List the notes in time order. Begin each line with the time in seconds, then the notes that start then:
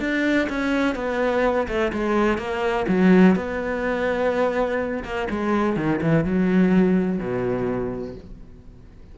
0.00 D4
0.49 C#4
0.95 B3
1.68 A3
1.93 G#3
2.38 A#3
2.88 F#3
3.36 B3
5.04 A#3
5.30 G#3
5.76 D#3
6.02 E3
6.25 F#3
7.19 B2